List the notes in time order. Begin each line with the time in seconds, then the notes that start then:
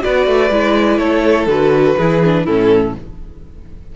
0.00 B3 F#4 B4 D5
0.26 A3
0.50 G#3 E4
0.98 A3 A4 C#5
1.46 D3 F#4 B4
1.96 E3 E4 G#4
2.24 D4
2.44 A2 C#4 E4 A4